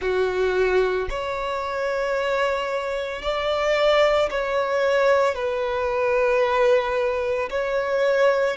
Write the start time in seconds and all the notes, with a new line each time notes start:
0.01 F#4
1.09 C#5
3.21 D5
4.30 C#5
5.34 B4
7.50 C#5